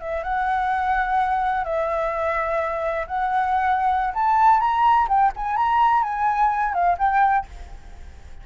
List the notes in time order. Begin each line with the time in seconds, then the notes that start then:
0.00 E5
0.23 F#5
1.64 E5
3.07 F#5
4.14 A5
4.60 A#5
5.09 G5
5.36 G#5
5.57 A#5
6.03 G#5
6.74 F5
6.98 G5